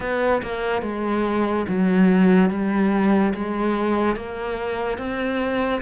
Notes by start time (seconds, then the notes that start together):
0.00 B3
0.42 A#3
0.82 G#3
1.68 F#3
2.50 G3
3.33 G#3
4.16 A#3
4.98 C4